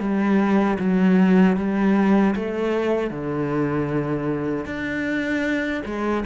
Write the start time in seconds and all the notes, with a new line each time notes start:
0.00 G3
0.79 F#3
1.57 G3
2.35 A3
3.11 D3
4.66 D4
5.85 G#3